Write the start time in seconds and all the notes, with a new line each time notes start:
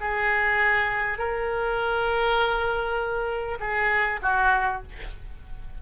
0.00 G#4
1.18 A#4
3.60 G#4
4.22 F#4